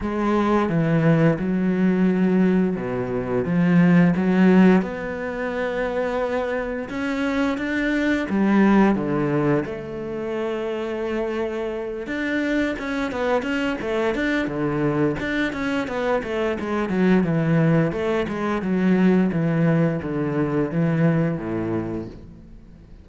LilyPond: \new Staff \with { instrumentName = "cello" } { \time 4/4 \tempo 4 = 87 gis4 e4 fis2 | b,4 f4 fis4 b4~ | b2 cis'4 d'4 | g4 d4 a2~ |
a4. d'4 cis'8 b8 cis'8 | a8 d'8 d4 d'8 cis'8 b8 a8 | gis8 fis8 e4 a8 gis8 fis4 | e4 d4 e4 a,4 | }